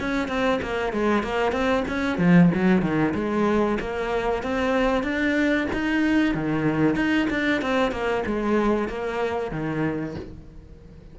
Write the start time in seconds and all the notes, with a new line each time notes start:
0.00 C#4
0.28 C4
0.62 A#3
0.93 G#3
1.23 A#3
1.52 C4
1.88 C#4
2.18 F3
2.54 F#3
2.82 D#3
3.15 G#3
3.80 A#3
4.42 C4
5.03 D4
5.73 D#4
6.34 D#3
6.95 D#4
7.30 D4
7.62 C4
7.91 A#3
8.26 G#3
8.88 A#3
9.51 D#3